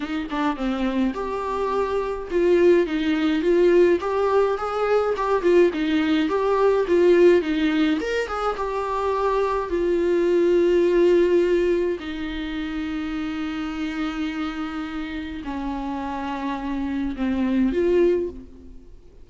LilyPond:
\new Staff \with { instrumentName = "viola" } { \time 4/4 \tempo 4 = 105 dis'8 d'8 c'4 g'2 | f'4 dis'4 f'4 g'4 | gis'4 g'8 f'8 dis'4 g'4 | f'4 dis'4 ais'8 gis'8 g'4~ |
g'4 f'2.~ | f'4 dis'2.~ | dis'2. cis'4~ | cis'2 c'4 f'4 | }